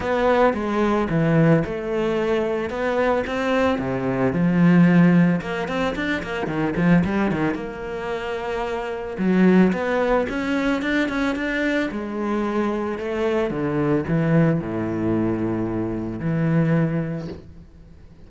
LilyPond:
\new Staff \with { instrumentName = "cello" } { \time 4/4 \tempo 4 = 111 b4 gis4 e4 a4~ | a4 b4 c'4 c4 | f2 ais8 c'8 d'8 ais8 | dis8 f8 g8 dis8 ais2~ |
ais4 fis4 b4 cis'4 | d'8 cis'8 d'4 gis2 | a4 d4 e4 a,4~ | a,2 e2 | }